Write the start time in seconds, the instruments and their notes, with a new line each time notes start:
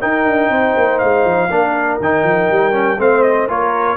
0.00 trombone D#4, tuba D#4, horn A#4, trumpet G5
0.25 tuba D4
0.49 tuba C4, horn C5
0.76 tuba A#3
0.98 tuba G#3, trumpet F5
1.24 tuba F3
1.49 tuba A#3, trombone D4, horn A#4
1.99 tuba D#3, trombone D#4, trumpet G5
2.23 tuba F3
2.50 tuba G3
2.72 trombone C#4
2.98 tuba A3, trombone C4, horn C5, trumpet F5
3.22 trumpet D#5
3.48 tuba A#3, trombone F4, horn A#4, trumpet C#5